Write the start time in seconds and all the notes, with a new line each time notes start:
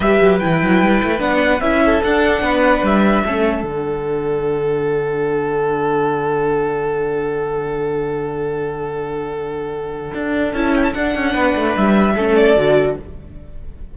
0.00 G3 G4 B4 E5
0.21 F#3
0.39 E3 E4 G5
0.63 F#3
0.81 G3
1.02 A3
1.18 B3 D4 F#5
1.60 C#4 E4 E5
1.85 A4
2.04 D4 F#5
2.41 B3 B4
2.82 G3 E5
3.25 A3 C#4 A4
3.62 D3 D4 F#5
10.14 D4
10.53 C#4 E4 A5
10.75 G5
10.83 A5
10.94 D4 F#5
11.15 C#4
11.32 B3 B4
11.55 A3
11.77 G3 E5
12.15 A3 C#4 A4
12.35 D5
12.56 D3 F#4